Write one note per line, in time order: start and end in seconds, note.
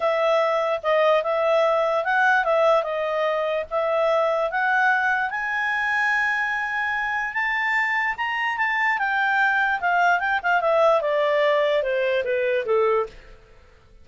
0.00 0.80 E5
0.82 1.23 D#5
1.23 2.04 E5
2.04 2.44 F#5
2.44 2.83 E5
2.83 3.65 D#5
3.70 4.50 E5
4.50 5.30 F#5
5.30 7.33 G#5
7.33 8.15 A5
8.17 8.57 A#5
8.57 8.98 A5
8.98 9.80 G5
9.80 10.19 F5
10.19 10.40 G5
10.42 10.60 F5
10.60 11.01 E5
11.01 11.82 D5
11.82 12.23 C5
12.24 12.65 B4
12.65 13.06 A4